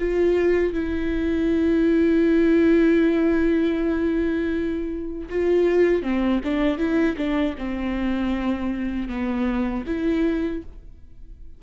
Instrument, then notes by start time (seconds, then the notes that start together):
viola
0.00 F4
0.74 E4
5.30 F4
6.03 C4
6.45 D4
6.79 E4
7.18 D4
7.58 C4
9.09 B3
9.87 E4